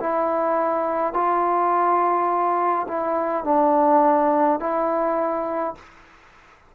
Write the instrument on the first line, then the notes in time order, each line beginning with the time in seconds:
trombone
0.00 E4
1.14 F4
2.88 E4
3.45 D4
4.60 E4